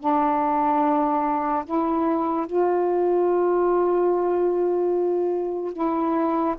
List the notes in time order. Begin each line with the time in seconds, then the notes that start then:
0.00 D4
1.65 E4
2.46 F4
5.73 E4